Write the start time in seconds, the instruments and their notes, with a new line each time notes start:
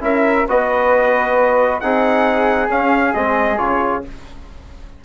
0.00 bassoon C#4, trombone E4, flute A#4, trumpet E5
0.48 bassoon B3, trombone F#4, flute B4, trumpet D#5
1.80 bassoon C4, trombone D#4, flute G#4, trumpet F#5
2.68 bassoon C#4, trombone C#4, trumpet F5
3.14 bassoon G#3, trombone C4, trumpet D#5
3.57 bassoon C#3, trombone F4, trumpet C#5